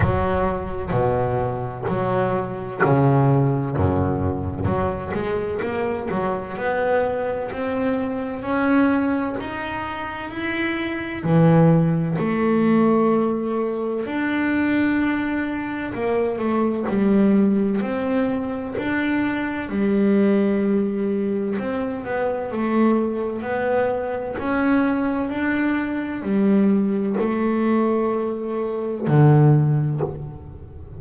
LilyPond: \new Staff \with { instrumentName = "double bass" } { \time 4/4 \tempo 4 = 64 fis4 b,4 fis4 cis4 | fis,4 fis8 gis8 ais8 fis8 b4 | c'4 cis'4 dis'4 e'4 | e4 a2 d'4~ |
d'4 ais8 a8 g4 c'4 | d'4 g2 c'8 b8 | a4 b4 cis'4 d'4 | g4 a2 d4 | }